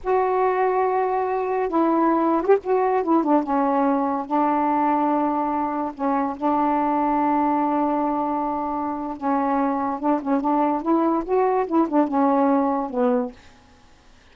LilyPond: \new Staff \with { instrumentName = "saxophone" } { \time 4/4 \tempo 4 = 144 fis'1 | e'4.~ e'16 fis'16 g'16 fis'4 e'8 d'16~ | d'16 cis'2 d'4.~ d'16~ | d'2~ d'16 cis'4 d'8.~ |
d'1~ | d'2 cis'2 | d'8 cis'8 d'4 e'4 fis'4 | e'8 d'8 cis'2 b4 | }